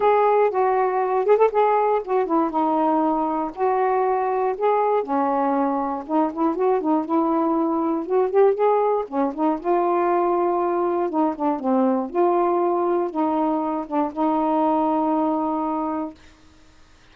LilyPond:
\new Staff \with { instrumentName = "saxophone" } { \time 4/4 \tempo 4 = 119 gis'4 fis'4. gis'16 a'16 gis'4 | fis'8 e'8 dis'2 fis'4~ | fis'4 gis'4 cis'2 | dis'8 e'8 fis'8 dis'8 e'2 |
fis'8 g'8 gis'4 cis'8 dis'8 f'4~ | f'2 dis'8 d'8 c'4 | f'2 dis'4. d'8 | dis'1 | }